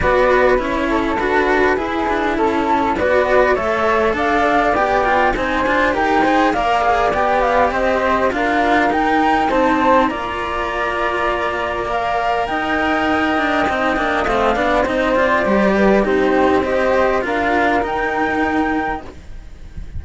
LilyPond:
<<
  \new Staff \with { instrumentName = "flute" } { \time 4/4 \tempo 4 = 101 d''4 cis''4 b'2 | a'4 d''4 e''4 f''4 | g''4 gis''4 g''4 f''4 | g''8 f''8 dis''4 f''4 g''4 |
a''4 ais''2. | f''4 g''2. | f''4 dis''8 d''4. c''4 | dis''4 f''4 g''2 | }
  \new Staff \with { instrumentName = "flute" } { \time 4/4 b'4. a'4. gis'4 | a'4 b'4 cis''4 d''4~ | d''4 c''4 ais'8 c''8 d''4~ | d''4 c''4 ais'2 |
c''4 d''2.~ | d''4 dis''2.~ | dis''8 d''8 c''4. b'8 g'4 | c''4 ais'2. | }
  \new Staff \with { instrumentName = "cello" } { \time 4/4 fis'4 e'4 fis'4 e'4~ | e'4 fis'4 a'2 | g'8 f'8 dis'8 f'8 g'8 gis'8 ais'8 gis'8 | g'2 f'4 dis'4~ |
dis'4 f'2. | ais'2. dis'8 d'8 | c'8 d'8 dis'8 f'8 g'4 dis'4 | g'4 f'4 dis'2 | }
  \new Staff \with { instrumentName = "cello" } { \time 4/4 b4 cis'4 d'4 e'8 d'8 | cis'4 b4 a4 d'4 | b4 c'8 d'8 dis'4 ais4 | b4 c'4 d'4 dis'4 |
c'4 ais2.~ | ais4 dis'4. d'8 c'8 ais8 | a8 b8 c'4 g4 c'4~ | c'4 d'4 dis'2 | }
>>